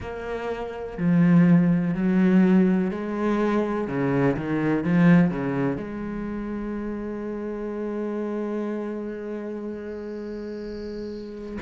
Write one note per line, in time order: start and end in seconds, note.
0.00 0.97 A#3
0.97 1.94 F3
1.94 2.90 F#3
2.90 3.87 G#3
3.87 4.35 C#3
4.36 4.84 D#3
4.84 5.30 F3
5.30 5.77 C#3
5.77 11.57 G#3